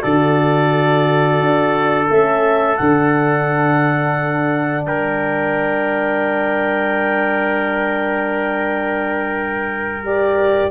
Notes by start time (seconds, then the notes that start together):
0.00 D3 F#4 A4 D5
1.40 D4
2.09 A3 C#4 E5
2.76 D3 D4 F#5
4.86 G3 A#4 G5
10.04 G4 D5